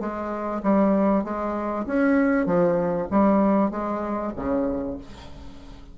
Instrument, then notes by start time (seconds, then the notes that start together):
bassoon
0.00 G#3
0.63 G3
1.24 G#3
1.87 C#4
2.46 F3
3.11 G3
3.71 G#3
4.36 C#3